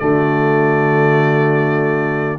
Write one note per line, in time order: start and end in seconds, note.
0.00 2.39 D3
0.00 2.39 A3
0.00 2.39 F#4
0.00 2.39 D5